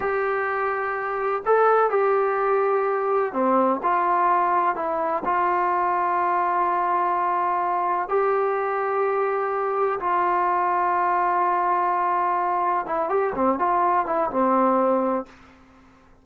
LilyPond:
\new Staff \with { instrumentName = "trombone" } { \time 4/4 \tempo 4 = 126 g'2. a'4 | g'2. c'4 | f'2 e'4 f'4~ | f'1~ |
f'4 g'2.~ | g'4 f'2.~ | f'2. e'8 g'8 | c'8 f'4 e'8 c'2 | }